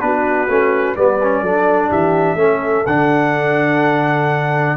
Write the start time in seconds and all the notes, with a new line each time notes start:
0.00 B3 D4 F#4 B4
0.48 A3 C#4
0.96 G3 B3 B4 D5
1.23 C#4
1.42 F#3 D4 A4
1.89 E3 G4 E5
2.35 A3 C#4 A4
2.86 D3 D4 F#5